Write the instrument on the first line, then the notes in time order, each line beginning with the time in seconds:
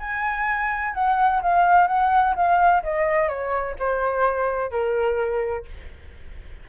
flute
0.00 G#5
0.94 F#5
1.43 F5
1.88 F#5
2.36 F5
2.84 D#5
3.29 C#5
3.79 C5
4.71 A#4